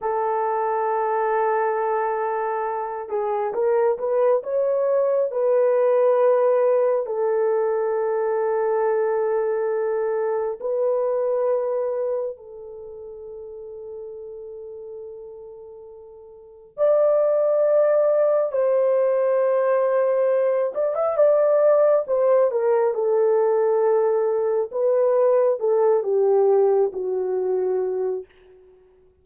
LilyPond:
\new Staff \with { instrumentName = "horn" } { \time 4/4 \tempo 4 = 68 a'2.~ a'8 gis'8 | ais'8 b'8 cis''4 b'2 | a'1 | b'2 a'2~ |
a'2. d''4~ | d''4 c''2~ c''8 d''16 e''16 | d''4 c''8 ais'8 a'2 | b'4 a'8 g'4 fis'4. | }